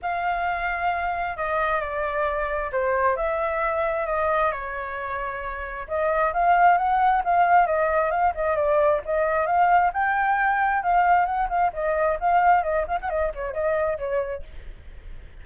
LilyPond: \new Staff \with { instrumentName = "flute" } { \time 4/4 \tempo 4 = 133 f''2. dis''4 | d''2 c''4 e''4~ | e''4 dis''4 cis''2~ | cis''4 dis''4 f''4 fis''4 |
f''4 dis''4 f''8 dis''8 d''4 | dis''4 f''4 g''2 | f''4 fis''8 f''8 dis''4 f''4 | dis''8 f''16 fis''16 dis''8 cis''8 dis''4 cis''4 | }